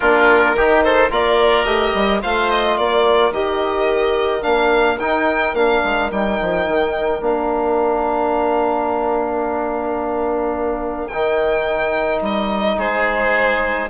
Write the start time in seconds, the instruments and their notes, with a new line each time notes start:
0.00 bassoon A#3, trombone D4, oboe F4, violin A#4
0.54 bassoon D#3, trombone D#4, oboe G4
0.82 oboe A4, violin C5
1.10 bassoon A#3, trombone F4, oboe A#4, violin D5
1.64 bassoon A3, trombone G4, violin D#5
1.94 bassoon G3
2.22 bassoon A3, trombone F4, oboe C5, violin F5
2.49 violin D#5
2.77 bassoon A#3, oboe A#4, violin D5
3.31 bassoon D#3, trombone G4, violin D#5
4.41 bassoon A#3, trombone D4, violin F5
4.99 bassoon D#4, trombone D#4, violin G5
5.53 bassoon A#3, trombone D4, violin F5
5.83 bassoon G#3
6.11 bassoon G3, trombone D#4, violin G5
6.41 bassoon F3
6.66 bassoon D#3
7.20 bassoon A#3, trombone D4, violin F5
11.08 trombone D#4, violin G5
11.14 bassoon D#3
12.21 bassoon G3, violin D#5
12.78 bassoon G#3, oboe G#4, violin C5